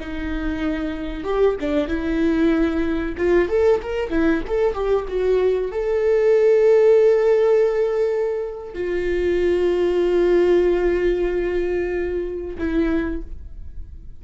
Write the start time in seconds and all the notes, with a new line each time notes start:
0.00 D#4
1.24 G4
1.61 D4
1.88 E4
3.18 F4
3.49 A4
3.83 A#4
4.11 E4
4.48 A4
4.74 G4
5.08 F#4
5.72 A4
8.75 F4
12.59 E4